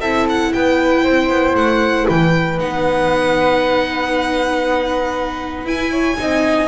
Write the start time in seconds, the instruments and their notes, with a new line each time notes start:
0.00 double bass C4, viola E4, flute A4, violin E5
0.29 violin F#5
0.53 double bass B3, flute B4, violin G5
1.04 double bass C4, flute C5
1.28 double bass B3
1.54 double bass A3, violin F#5
2.06 double bass E3, flute B4, violin G5
2.58 double bass B3, viola D#4, violin F#5
5.65 viola E4, double bass E4, violin G#5
5.91 flute C#5
6.17 double bass C4, viola D#4, flute D#5